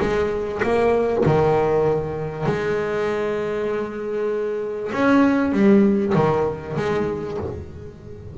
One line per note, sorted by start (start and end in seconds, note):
0.00 0.61 G#3
0.63 1.24 A#3
1.26 2.46 D#3
2.46 4.91 G#3
4.92 5.52 C#4
5.52 6.13 G3
6.14 6.76 D#3
6.76 7.37 G#3